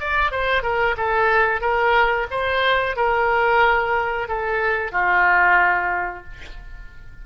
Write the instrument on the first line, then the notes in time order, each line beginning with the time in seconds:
oboe
0.00 D5
0.32 C5
0.63 A#4
0.97 A4
1.62 A#4
2.31 C5
2.97 A#4
4.29 A4
4.92 F4